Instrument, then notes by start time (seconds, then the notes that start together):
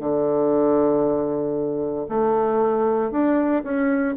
bassoon
0.00 D3
2.09 A3
3.12 D4
3.64 C#4